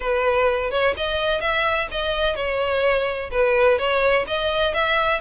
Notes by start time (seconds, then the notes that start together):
0.00 B4
0.70 C#5
0.96 D#5
1.40 E5
1.91 D#5
2.35 C#5
3.31 B4
3.78 C#5
4.27 D#5
4.74 E5